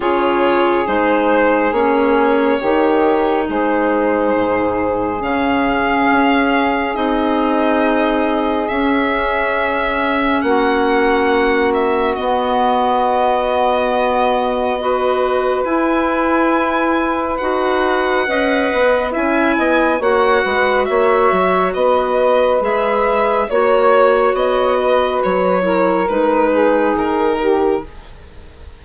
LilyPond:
<<
  \new Staff \with { instrumentName = "violin" } { \time 4/4 \tempo 4 = 69 cis''4 c''4 cis''2 | c''2 f''2 | dis''2 e''2 | fis''4. e''8 dis''2~ |
dis''2 gis''2 | fis''2 gis''4 fis''4 | e''4 dis''4 e''4 cis''4 | dis''4 cis''4 b'4 ais'4 | }
  \new Staff \with { instrumentName = "saxophone" } { \time 4/4 gis'2. g'4 | gis'1~ | gis'1 | fis'1~ |
fis'4 b'2.~ | b'4 dis''4 e''8 dis''8 cis''8 b'8 | cis''4 b'2 cis''4~ | cis''8 b'4 ais'4 gis'4 g'8 | }
  \new Staff \with { instrumentName = "clarinet" } { \time 4/4 f'4 dis'4 cis'4 dis'4~ | dis'2 cis'2 | dis'2 cis'2~ | cis'2 b2~ |
b4 fis'4 e'2 | fis'4 b'4 e'4 fis'4~ | fis'2 gis'4 fis'4~ | fis'4. e'8 dis'2 | }
  \new Staff \with { instrumentName = "bassoon" } { \time 4/4 cis4 gis4 ais4 dis4 | gis4 gis,4 cis4 cis'4 | c'2 cis'2 | ais2 b2~ |
b2 e'2 | dis'4 cis'8 b8 cis'8 b8 ais8 gis8 | ais8 fis8 b4 gis4 ais4 | b4 fis4 gis4 dis4 | }
>>